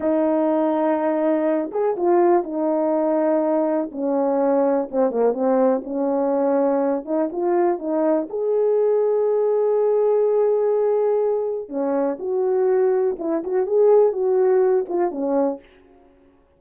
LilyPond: \new Staff \with { instrumentName = "horn" } { \time 4/4 \tempo 4 = 123 dis'2.~ dis'8 gis'8 | f'4 dis'2. | cis'2 c'8 ais8 c'4 | cis'2~ cis'8 dis'8 f'4 |
dis'4 gis'2.~ | gis'1 | cis'4 fis'2 e'8 fis'8 | gis'4 fis'4. f'8 cis'4 | }